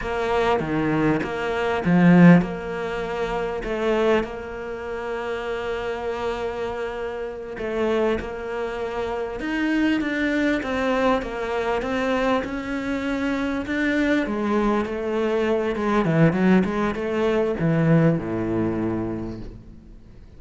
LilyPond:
\new Staff \with { instrumentName = "cello" } { \time 4/4 \tempo 4 = 99 ais4 dis4 ais4 f4 | ais2 a4 ais4~ | ais1~ | ais8 a4 ais2 dis'8~ |
dis'8 d'4 c'4 ais4 c'8~ | c'8 cis'2 d'4 gis8~ | gis8 a4. gis8 e8 fis8 gis8 | a4 e4 a,2 | }